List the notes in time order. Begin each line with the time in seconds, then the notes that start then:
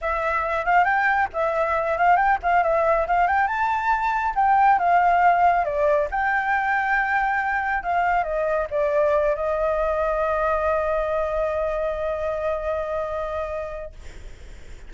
0.01 E5
0.65 F5
0.84 G5
1.33 E5
1.97 F5
2.16 G5
2.42 F5
2.63 E5
3.07 F5
3.27 G5
3.47 A5
4.35 G5
4.78 F5
5.64 D5
6.10 G5
7.83 F5
8.23 D#5
8.70 D5
9.35 D#5